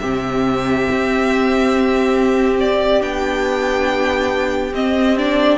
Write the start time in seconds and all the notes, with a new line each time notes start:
0.00 C3 C4 G4 E5
0.91 C4
2.60 D5
3.01 B3 D4 G5
4.73 C4 D#5
5.18 D4 D5